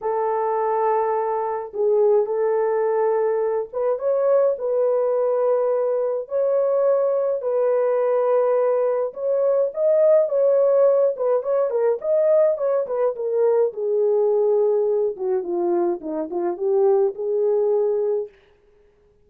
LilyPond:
\new Staff \with { instrumentName = "horn" } { \time 4/4 \tempo 4 = 105 a'2. gis'4 | a'2~ a'8 b'8 cis''4 | b'2. cis''4~ | cis''4 b'2. |
cis''4 dis''4 cis''4. b'8 | cis''8 ais'8 dis''4 cis''8 b'8 ais'4 | gis'2~ gis'8 fis'8 f'4 | dis'8 f'8 g'4 gis'2 | }